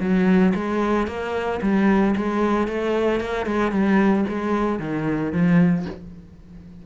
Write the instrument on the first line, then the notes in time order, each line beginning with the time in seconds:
cello
0.00 F#3
0.55 G#3
1.07 A#3
1.62 G3
2.16 G#3
2.67 A3
3.21 A#3
3.46 G#3
3.72 G3
4.29 G#3
4.79 D#3
5.32 F3